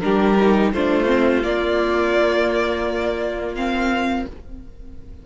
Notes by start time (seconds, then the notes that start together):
0.00 G3 D4 G4 A#4
0.40 D#4
0.73 A3 D4 F4 C5
1.06 C4
1.43 A#3 D5
3.55 C4 F5